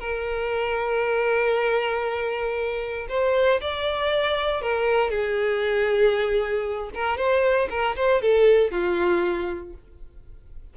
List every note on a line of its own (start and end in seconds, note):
0.00 3.08 A#4
3.09 3.61 C5
3.61 4.62 D5
4.62 5.11 A#4
5.11 6.90 G#4
6.95 7.18 A#4
7.18 7.69 C5
7.70 7.96 A#4
7.96 8.22 C5
8.22 8.72 A4
8.72 9.74 F4